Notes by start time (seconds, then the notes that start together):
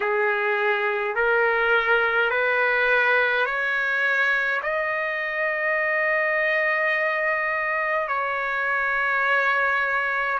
0.00 G#4
1.15 A#4
2.30 B4
3.45 C#5
4.63 D#5
8.08 C#5